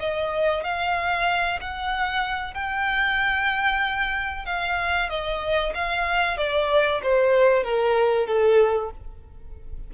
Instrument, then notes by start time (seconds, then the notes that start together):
violin
0.00 D#5
0.64 F5
1.61 F#5
2.54 G5
4.46 F5
5.10 D#5
5.75 F5
6.38 D5
7.03 C5
7.64 A#4
8.27 A4